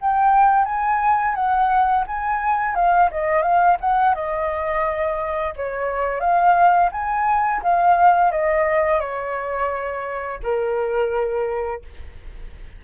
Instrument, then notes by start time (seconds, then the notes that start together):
flute
0.00 G5
0.65 G#5
1.34 F#5
2.07 G#5
2.75 F5
3.10 D#5
3.42 F5
3.80 F#5
4.14 D#5
5.56 C#5
6.20 F5
6.92 G#5
7.62 F5
8.31 D#5
9.00 C#5
10.42 A#4